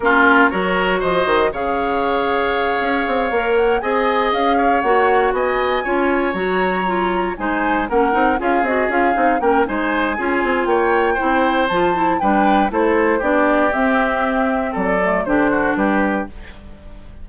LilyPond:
<<
  \new Staff \with { instrumentName = "flute" } { \time 4/4 \tempo 4 = 118 ais'4 cis''4 dis''4 f''4~ | f''2. fis''8 gis''8~ | gis''8 f''4 fis''4 gis''4.~ | gis''8 ais''2 gis''4 fis''8~ |
fis''8 f''8 dis''8 f''4 g''8 gis''4~ | gis''4 g''2 a''4 | g''4 c''4 d''4 e''4~ | e''4 d''4 c''4 b'4 | }
  \new Staff \with { instrumentName = "oboe" } { \time 4/4 f'4 ais'4 c''4 cis''4~ | cis''2.~ cis''8 dis''8~ | dis''4 cis''4. dis''4 cis''8~ | cis''2~ cis''8 c''4 ais'8~ |
ais'8 gis'2 ais'8 c''4 | gis'4 cis''4 c''2 | b'4 a'4 g'2~ | g'4 a'4 g'8 fis'8 g'4 | }
  \new Staff \with { instrumentName = "clarinet" } { \time 4/4 cis'4 fis'2 gis'4~ | gis'2~ gis'8 ais'4 gis'8~ | gis'4. fis'2 f'8~ | f'8 fis'4 f'4 dis'4 cis'8 |
dis'8 f'8 fis'8 f'8 dis'8 cis'8 dis'4 | f'2 e'4 f'8 e'8 | d'4 e'4 d'4 c'4~ | c'4. a8 d'2 | }
  \new Staff \with { instrumentName = "bassoon" } { \time 4/4 ais4 fis4 f8 dis8 cis4~ | cis4. cis'8 c'8 ais4 c'8~ | c'8 cis'4 ais4 b4 cis'8~ | cis'8 fis2 gis4 ais8 |
c'8 cis'8 c'8 cis'8 c'8 ais8 gis4 | cis'8 c'8 ais4 c'4 f4 | g4 a4 b4 c'4~ | c'4 fis4 d4 g4 | }
>>